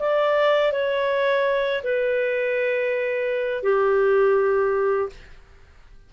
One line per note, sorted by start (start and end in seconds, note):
0.00 0.73 D5
0.73 1.82 C#5
1.84 3.64 B4
3.64 5.10 G4